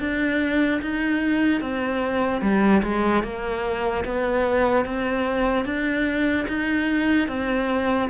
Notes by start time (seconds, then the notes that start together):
0.00 D4
0.82 D#4
1.61 C4
2.42 G3
2.83 G#3
3.24 A#3
4.05 B3
4.85 C4
5.65 D4
6.48 D#4
7.28 C4